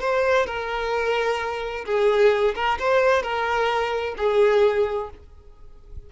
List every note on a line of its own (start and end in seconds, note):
0.00 0.46 C5
0.46 1.85 A#4
1.85 2.54 G#4
2.55 2.78 A#4
2.79 3.22 C5
3.22 4.15 A#4
4.17 5.10 G#4